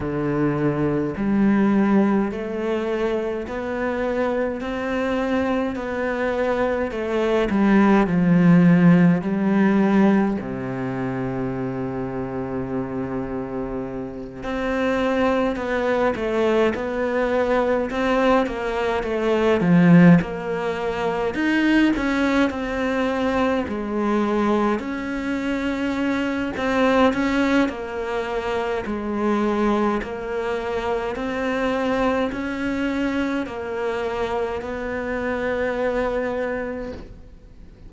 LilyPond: \new Staff \with { instrumentName = "cello" } { \time 4/4 \tempo 4 = 52 d4 g4 a4 b4 | c'4 b4 a8 g8 f4 | g4 c2.~ | c8 c'4 b8 a8 b4 c'8 |
ais8 a8 f8 ais4 dis'8 cis'8 c'8~ | c'8 gis4 cis'4. c'8 cis'8 | ais4 gis4 ais4 c'4 | cis'4 ais4 b2 | }